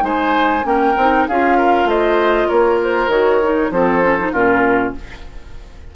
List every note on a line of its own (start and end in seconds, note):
0.00 0.63 G#3
0.00 0.61 D#4
0.00 0.65 C5
0.00 0.65 G#5
0.64 0.95 A#3
0.64 0.94 C#4
0.64 1.28 A#4
0.64 1.27 G5
0.96 1.27 C4
0.96 1.29 D#4
1.27 1.84 C#4
1.27 3.10 F4
1.27 1.57 G#4
1.27 1.89 F5
1.57 1.87 A#4
1.84 2.45 A3
1.84 2.47 C5
1.84 2.48 D#5
2.47 3.07 A#3
2.47 3.70 A#4
2.47 2.79 C#5
2.83 3.10 C5
3.07 3.68 D#3
3.07 3.41 F#4
3.07 3.71 C#5
3.43 3.72 D#4
3.70 4.31 F3
3.70 4.02 C4
3.70 4.32 A4
3.70 4.32 C5
4.02 4.17 C#4
4.19 4.34 D#4
4.32 4.94 A#2
4.32 4.95 C#4
4.32 4.93 F4
4.32 4.93 A#4